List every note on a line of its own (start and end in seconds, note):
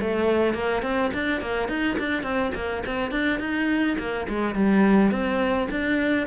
0.00 0.54 A3
0.54 0.82 A#3
0.82 1.11 C4
1.14 1.41 D4
1.41 1.68 A#3
1.68 1.97 D#4
1.99 2.23 D4
2.23 2.51 C4
2.55 2.83 A#3
2.86 3.11 C4
3.11 3.39 D4
3.39 3.97 D#4
3.98 4.27 A#3
4.29 4.55 G#3
4.55 5.11 G3
5.11 5.68 C4
5.70 6.27 D4